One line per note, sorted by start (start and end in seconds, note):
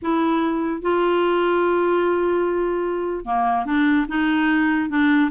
0.01 0.81 E4
0.81 3.25 F4
3.25 3.65 A#3
3.65 4.06 D4
4.08 4.89 D#4
4.89 5.30 D4